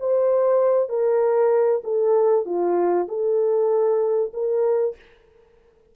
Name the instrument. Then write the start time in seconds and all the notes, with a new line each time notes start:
horn
0.00 C5
0.89 A#4
1.84 A4
2.45 F4
3.08 A4
4.34 A#4